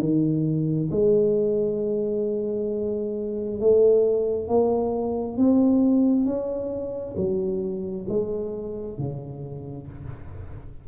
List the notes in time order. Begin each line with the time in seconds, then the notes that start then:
0.00 D#3
0.91 G#3
3.60 A3
4.48 A#3
5.37 C4
6.25 C#4
7.16 F#3
8.09 G#3
8.98 C#3